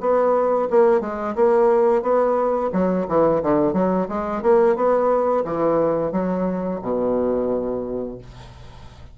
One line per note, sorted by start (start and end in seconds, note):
0.00 0.68 B3
0.70 1.00 A#3
1.00 1.35 G#3
1.35 2.02 A#3
2.02 2.70 B3
2.72 3.06 F#3
3.08 3.42 E3
3.42 3.73 D3
3.73 4.07 F#3
4.08 4.42 G#3
4.42 4.76 A#3
4.76 5.44 B3
5.44 6.12 E3
6.12 6.80 F#3
6.82 8.18 B2